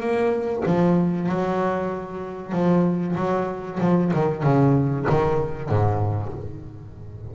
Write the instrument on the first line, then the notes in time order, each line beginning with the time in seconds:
double bass
0.00 A#3
0.65 F3
1.29 F#3
2.52 F3
3.16 F#3
3.80 F3
4.13 D#3
4.43 C#3
5.09 D#3
5.69 G#2